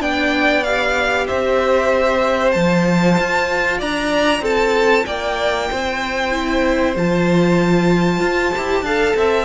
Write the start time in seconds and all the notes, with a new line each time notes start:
0.00 B3 D4 D5 G5
0.64 G4 F5
1.27 C4 C5 E5
2.52 F3 F4 A5
3.19 F4
3.79 D4 D5 A#5
4.41 C4 A4 A5
5.06 A#3 D5 G5
5.71 C4 C5
6.33 E4
6.96 F3 F4 A5
8.21 F4
8.56 E4 G4
8.82 D4 A4 F5
9.17 C4 E5